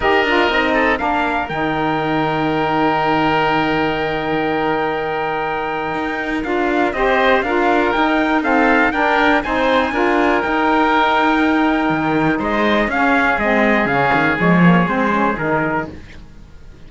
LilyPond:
<<
  \new Staff \with { instrumentName = "trumpet" } { \time 4/4 \tempo 4 = 121 dis''2 f''4 g''4~ | g''1~ | g''1~ | g''4 f''4 dis''4 f''4 |
g''4 f''4 g''4 gis''4~ | gis''4 g''2.~ | g''4 dis''4 f''4 dis''4 | f''4 cis''4 c''4 ais'4 | }
  \new Staff \with { instrumentName = "oboe" } { \time 4/4 ais'4. a'8 ais'2~ | ais'1~ | ais'1~ | ais'2 c''4 ais'4~ |
ais'4 a'4 ais'4 c''4 | ais'1~ | ais'4 c''4 gis'2~ | gis'1 | }
  \new Staff \with { instrumentName = "saxophone" } { \time 4/4 g'8 f'8 dis'4 d'4 dis'4~ | dis'1~ | dis'1~ | dis'4 f'4 g'4 f'4 |
dis'4 c'4 d'4 dis'4 | f'4 dis'2.~ | dis'2 cis'4 c'4 | cis'4 gis8 ais8 c'8 cis'8 dis'4 | }
  \new Staff \with { instrumentName = "cello" } { \time 4/4 dis'8 d'8 c'4 ais4 dis4~ | dis1~ | dis1 | dis'4 d'4 c'4 d'4 |
dis'2 d'4 c'4 | d'4 dis'2. | dis4 gis4 cis'4 gis4 | cis8 dis8 f4 gis4 dis4 | }
>>